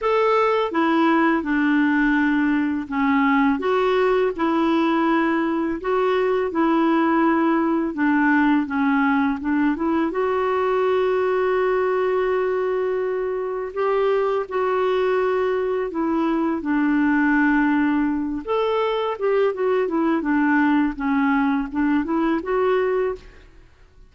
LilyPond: \new Staff \with { instrumentName = "clarinet" } { \time 4/4 \tempo 4 = 83 a'4 e'4 d'2 | cis'4 fis'4 e'2 | fis'4 e'2 d'4 | cis'4 d'8 e'8 fis'2~ |
fis'2. g'4 | fis'2 e'4 d'4~ | d'4. a'4 g'8 fis'8 e'8 | d'4 cis'4 d'8 e'8 fis'4 | }